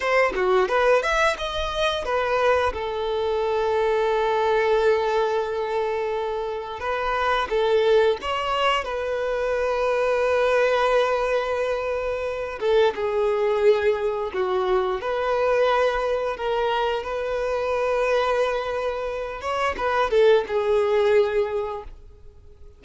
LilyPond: \new Staff \with { instrumentName = "violin" } { \time 4/4 \tempo 4 = 88 c''8 fis'8 b'8 e''8 dis''4 b'4 | a'1~ | a'2 b'4 a'4 | cis''4 b'2.~ |
b'2~ b'8 a'8 gis'4~ | gis'4 fis'4 b'2 | ais'4 b'2.~ | b'8 cis''8 b'8 a'8 gis'2 | }